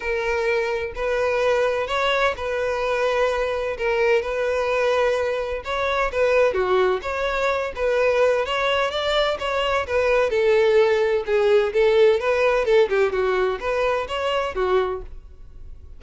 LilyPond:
\new Staff \with { instrumentName = "violin" } { \time 4/4 \tempo 4 = 128 ais'2 b'2 | cis''4 b'2. | ais'4 b'2. | cis''4 b'4 fis'4 cis''4~ |
cis''8 b'4. cis''4 d''4 | cis''4 b'4 a'2 | gis'4 a'4 b'4 a'8 g'8 | fis'4 b'4 cis''4 fis'4 | }